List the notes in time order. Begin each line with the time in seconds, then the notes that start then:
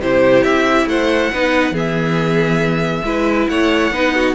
0.00 C3 E4 G4 C5
0.44 C4 E5
0.86 A3 C5 F#5
1.33 B3 D#4 B4
1.72 E3 B3 G#4 E5
3.04 G#3 E4 B4
3.49 A3 C#5 F#5
3.91 B3 D#4 B4
4.15 F#4